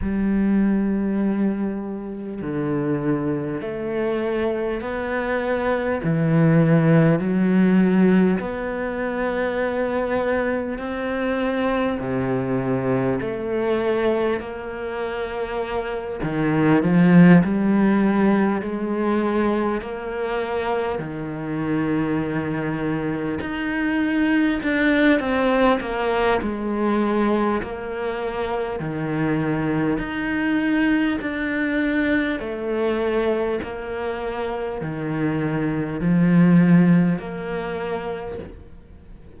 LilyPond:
\new Staff \with { instrumentName = "cello" } { \time 4/4 \tempo 4 = 50 g2 d4 a4 | b4 e4 fis4 b4~ | b4 c'4 c4 a4 | ais4. dis8 f8 g4 gis8~ |
gis8 ais4 dis2 dis'8~ | dis'8 d'8 c'8 ais8 gis4 ais4 | dis4 dis'4 d'4 a4 | ais4 dis4 f4 ais4 | }